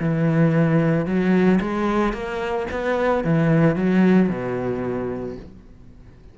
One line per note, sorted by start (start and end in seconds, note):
0.00 1.06 E3
1.06 1.59 F#3
1.61 2.13 G#3
2.13 2.67 A#3
2.71 3.24 B3
3.24 3.76 E3
3.76 4.29 F#3
4.29 5.36 B2